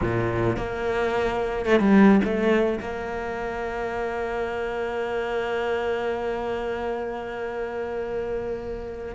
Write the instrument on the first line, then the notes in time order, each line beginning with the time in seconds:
cello
0.01 A#2
0.56 A#3
1.65 A3
1.79 G3
2.24 A3
2.80 A#3